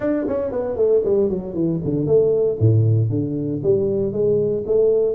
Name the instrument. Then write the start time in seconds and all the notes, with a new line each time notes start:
tuba
0.00 D4
0.27 C#4
0.51 B3
0.75 A3
1.05 G3
1.29 F#3
1.54 E3
1.84 D3
2.06 A3
2.59 A2
3.09 D3
3.63 G3
4.12 G#3
4.66 A3